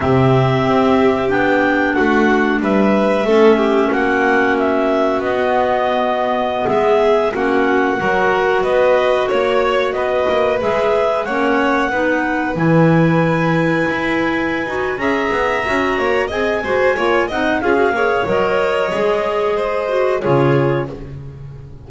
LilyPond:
<<
  \new Staff \with { instrumentName = "clarinet" } { \time 4/4 \tempo 4 = 92 e''2 g''4 fis''4 | e''2 fis''4 e''4 | dis''2~ dis''16 e''4 fis''8.~ | fis''4~ fis''16 dis''4 cis''4 dis''8.~ |
dis''16 e''4 fis''2 gis''8.~ | gis''2. ais''4~ | ais''4 gis''4. fis''8 f''4 | dis''2. cis''4 | }
  \new Staff \with { instrumentName = "violin" } { \time 4/4 g'2. fis'4 | b'4 a'8 g'8 fis'2~ | fis'2~ fis'16 gis'4 fis'8.~ | fis'16 ais'4 b'4 cis''4 b'8.~ |
b'4~ b'16 cis''4 b'4.~ b'16~ | b'2. e''4~ | e''8 cis''8 dis''8 c''8 cis''8 dis''8 gis'8 cis''8~ | cis''2 c''4 gis'4 | }
  \new Staff \with { instrumentName = "clarinet" } { \time 4/4 c'2 d'2~ | d'4 cis'2.~ | cis'16 b2. cis'8.~ | cis'16 fis'2.~ fis'8.~ |
fis'16 gis'4 cis'4 dis'4 e'8.~ | e'2~ e'8 fis'8 gis'4 | fis'4 gis'8 fis'8 f'8 dis'8 f'16 fis'16 gis'8 | ais'4 gis'4. fis'8 f'4 | }
  \new Staff \with { instrumentName = "double bass" } { \time 4/4 c4 c'4 b4 a4 | g4 a4 ais2 | b2~ b16 gis4 ais8.~ | ais16 fis4 b4 ais4 b8 ais16~ |
ais16 gis4 ais4 b4 e8.~ | e4~ e16 e'4~ e'16 dis'8 cis'8 b8 | cis'8 ais8 c'8 gis8 ais8 c'8 cis'8 ais8 | fis4 gis2 cis4 | }
>>